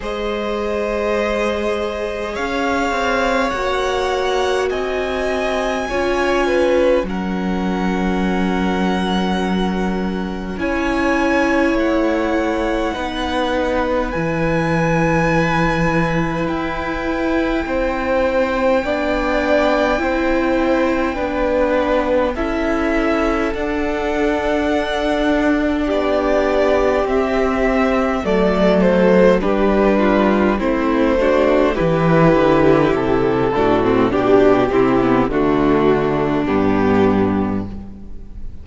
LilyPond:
<<
  \new Staff \with { instrumentName = "violin" } { \time 4/4 \tempo 4 = 51 dis''2 f''4 fis''4 | gis''2 fis''2~ | fis''4 gis''4 fis''2 | gis''2 g''2~ |
g''2. e''4 | fis''2 d''4 e''4 | d''8 c''8 b'4 c''4 b'4 | a'4 g'8 e'8 fis'4 g'4 | }
  \new Staff \with { instrumentName = "violin" } { \time 4/4 c''2 cis''2 | dis''4 cis''8 b'8 ais'2~ | ais'4 cis''2 b'4~ | b'2. c''4 |
d''4 c''4 b'4 a'4~ | a'2 g'2 | a'4 g'8 f'8 e'8 fis'8 g'4~ | g'8 fis'8 g'4 d'2 | }
  \new Staff \with { instrumentName = "viola" } { \time 4/4 gis'2. fis'4~ | fis'4 f'4 cis'2~ | cis'4 e'2 dis'4 | e'1 |
d'4 e'4 d'4 e'4 | d'2. c'4 | a4 d'4 c'8 d'8 e'4~ | e'8 d'16 c'16 d'8 c'16 b16 a4 b4 | }
  \new Staff \with { instrumentName = "cello" } { \time 4/4 gis2 cis'8 c'8 ais4 | c'4 cis'4 fis2~ | fis4 cis'4 a4 b4 | e2 e'4 c'4 |
b4 c'4 b4 cis'4 | d'2 b4 c'4 | fis4 g4 a4 e8 d8 | c8 a,8 b,8 c8 d4 g,4 | }
>>